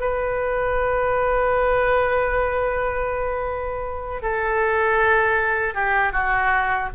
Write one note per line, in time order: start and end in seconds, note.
0.00 4.22 B4
4.22 5.74 A4
5.74 6.12 G4
6.12 6.89 F#4